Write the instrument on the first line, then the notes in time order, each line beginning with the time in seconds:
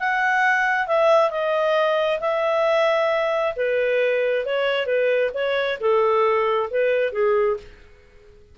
clarinet
0.00 F#5
0.88 E5
1.31 D#5
2.21 E5
3.56 B4
4.46 C#5
4.86 B4
5.34 C#5
5.80 A4
6.71 B4
7.13 G#4